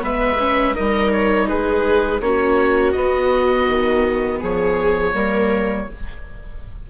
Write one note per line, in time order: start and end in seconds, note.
0.00 0.76 G#3
0.00 0.37 B3
0.00 0.75 B4
0.00 0.75 E5
0.39 0.75 C#4
0.75 1.52 G3
0.75 2.21 D#4
0.75 1.48 A#4
0.75 1.12 D#5
1.12 1.48 C#5
1.48 2.20 G#3
1.48 2.22 G#4
1.48 2.21 B4
2.20 2.94 A#3
2.20 2.96 C#4
2.20 4.40 F#4
2.20 2.92 C#5
2.92 3.68 B3
2.92 5.14 B3
2.92 4.38 D#5
3.68 4.41 D#3
4.40 5.14 F3
4.40 5.13 G#4
4.40 5.90 C#5
5.14 5.87 G3
5.14 5.87 A#3
5.14 5.88 A#4